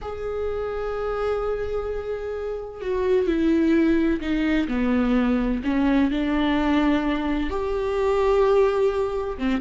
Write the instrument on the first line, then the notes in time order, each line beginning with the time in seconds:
viola
0.01 G#4
2.81 F#4
3.26 E4
4.20 D#4
4.68 B3
5.64 C#4
6.10 D4
7.50 G4
9.38 C4